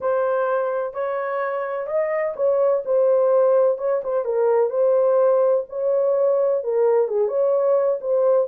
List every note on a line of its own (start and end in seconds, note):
0.01 0.93 C5
0.93 1.86 C#5
1.86 2.34 D#5
2.36 2.83 C#5
2.85 3.78 C5
3.78 4.01 C#5
4.03 4.24 C5
4.24 4.69 A#4
4.69 5.64 C5
5.69 6.63 C#5
6.63 7.08 A#4
7.08 7.28 G#4
7.28 7.99 C#5
8.01 8.47 C5